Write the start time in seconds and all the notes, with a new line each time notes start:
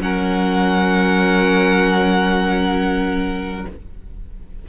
0.00 F#3 C#4 A#4 F#5